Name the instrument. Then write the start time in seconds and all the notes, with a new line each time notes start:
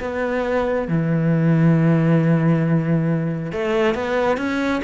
cello
0.00 B3
0.88 E3
3.52 A3
3.95 B3
4.38 C#4